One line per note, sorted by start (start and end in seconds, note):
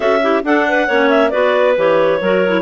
0.00 0.42 C#4
0.00 0.21 F#4
0.00 0.22 A4
0.00 0.43 E5
0.21 0.43 E4
0.21 0.44 G4
0.43 0.88 D4
0.43 0.89 D4
0.43 0.67 A4
0.43 1.09 F#5
0.68 0.87 B4
0.87 1.32 A#3
0.87 1.31 C#4
0.87 1.30 C#5
1.09 1.30 E5
1.30 1.77 B3
1.30 1.75 F#4
1.30 2.18 B4
1.30 1.74 D5
1.76 2.20 E3
1.76 2.20 G4
1.76 2.62 C#5
2.20 2.62 F#3
2.20 2.45 F#4
2.20 2.62 A#4
2.46 2.62 E4